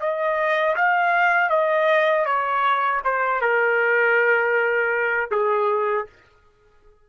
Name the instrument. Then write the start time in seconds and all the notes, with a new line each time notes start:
trumpet
0.00 D#5
0.76 F5
1.50 D#5
2.26 C#5
3.05 C5
3.41 A#4
5.31 G#4